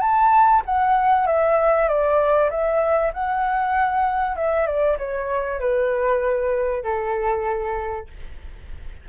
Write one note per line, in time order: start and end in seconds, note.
0.00 0.62 A5
0.65 1.27 F#5
1.27 1.88 E5
1.88 2.50 D5
2.50 3.12 E5
3.13 4.36 F#5
4.36 4.66 E5
4.66 4.97 D5
4.98 5.60 C#5
5.60 6.83 B4
6.83 8.07 A4